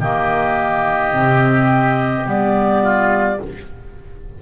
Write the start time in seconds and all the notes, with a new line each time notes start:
0.00 D#3 A#3 G4 D#5
1.13 C3 C4
2.25 G3 B3 D5
2.83 F4